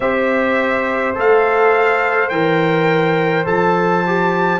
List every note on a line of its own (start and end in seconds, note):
0.00 1.15 C4
0.00 1.14 G4
0.00 4.59 C5
0.00 1.15 E5
1.14 2.30 A3
1.14 2.30 A4
1.14 2.29 F5
2.29 3.46 E3
2.29 3.45 A#4
2.29 3.44 G5
3.45 4.59 F3
3.45 4.02 A4
3.45 4.59 A5
4.06 4.59 G4